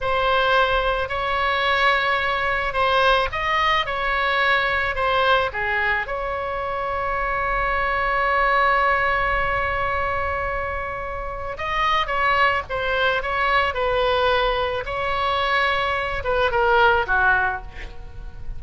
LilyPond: \new Staff \with { instrumentName = "oboe" } { \time 4/4 \tempo 4 = 109 c''2 cis''2~ | cis''4 c''4 dis''4 cis''4~ | cis''4 c''4 gis'4 cis''4~ | cis''1~ |
cis''1~ | cis''4 dis''4 cis''4 c''4 | cis''4 b'2 cis''4~ | cis''4. b'8 ais'4 fis'4 | }